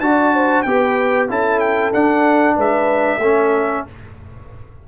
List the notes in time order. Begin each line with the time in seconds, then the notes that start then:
0.00 D4 F#4 D5 A5
0.34 C5
0.62 B3 G4 B4 G5
1.29 C#4 E4 A4 A5
1.60 G5
1.93 D4 F#5
2.56 G#3 B4 E5
3.18 A3 C#4 A4